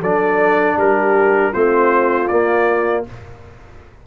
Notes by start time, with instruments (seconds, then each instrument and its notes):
0.00 tuba F#3, trombone D4, horn A4, trumpet D5
0.76 tuba G3, horn G4, trumpet A#4
1.52 tuba A3, trombone C4, horn F4, trumpet C5
2.28 tuba A#3, trombone A#3, trumpet D5